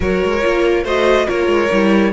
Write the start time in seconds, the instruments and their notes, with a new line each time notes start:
0.00 cello F#3, viola F#4, violin A#4 C#5
0.23 cello G#3
0.42 cello A#3, viola F4
0.83 cello A3, viola F#4, violin C5 D#5
1.26 cello A#3, viola F4, violin A#4 C#5
1.46 cello G#3
1.71 cello G3, viola E4